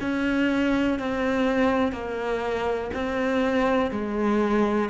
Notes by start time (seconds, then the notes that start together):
0.00 C#4
0.99 C4
1.92 A#3
2.93 C4
3.91 G#3